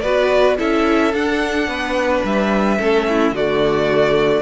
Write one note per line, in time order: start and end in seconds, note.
0.00 0.58 B3
0.00 0.57 F#4
0.00 0.57 B4
0.00 0.55 D5
0.57 1.14 C#4
0.57 1.12 E4
0.57 1.68 A4
0.57 1.14 E5
1.14 1.68 D4
1.14 2.78 D4
1.14 2.24 F#5
1.68 2.23 B3
1.68 2.78 B4
2.23 2.78 G3
2.23 3.35 E5
2.78 3.32 A3
2.78 3.33 C#4
2.78 3.05 A4
3.08 3.34 E4
3.32 4.42 D3
3.32 4.42 A3
3.32 4.42 F#4
3.32 4.42 D5